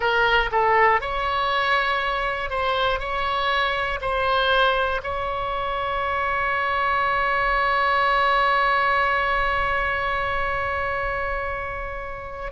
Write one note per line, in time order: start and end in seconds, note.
0.00 0.50 A#4
0.51 1.00 A4
1.00 2.50 C#5
2.50 3.00 C5
3.00 4.00 C#5
4.00 5.00 C5
5.03 12.52 C#5